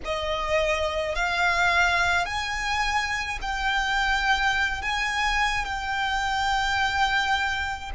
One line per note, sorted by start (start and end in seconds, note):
0.04 1.15 D#5
1.15 2.25 F5
2.25 3.38 G#5
3.41 4.82 G5
4.82 5.64 G#5
5.64 7.91 G5